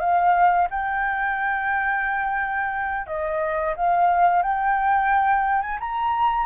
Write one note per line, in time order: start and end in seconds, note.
0.00 0.68 F5
0.71 3.07 G5
3.07 3.75 D#5
3.77 4.43 F5
4.43 5.62 G5
5.62 5.79 G#5
5.80 6.46 A#5